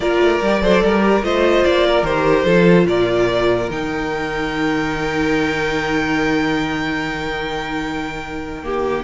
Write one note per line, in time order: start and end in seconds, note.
0.00 0.18 A#3
0.00 0.42 F4
0.00 0.62 A#4
0.00 1.23 D5
0.20 0.40 A3
0.41 0.61 G3
0.41 0.62 G4
0.61 0.82 F#3
0.61 1.00 A4
0.61 0.83 C5
0.83 1.23 G3
0.83 1.25 A#4
1.00 1.21 G4
1.23 1.64 A3
1.23 2.05 F4
1.23 1.86 C5
1.23 1.64 D#5
1.65 2.02 A#3
1.65 2.04 D5
1.86 2.45 A#4
2.02 2.43 D#3
2.02 2.46 G4
2.02 2.86 C5
2.45 2.85 F3
2.45 3.69 F4
2.45 2.86 A4
2.85 3.67 A#2
2.85 8.64 A#4
2.85 3.70 D5
3.69 9.03 D#3
3.69 8.62 D#4
3.69 9.03 G5
8.62 9.03 A#3
8.62 9.03 G4